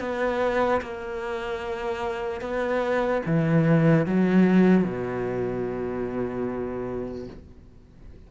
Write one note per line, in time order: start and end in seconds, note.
0.00 0.81 B3
0.81 2.41 A#3
2.41 3.22 B3
3.26 4.07 E3
4.07 4.84 F#3
4.84 7.28 B2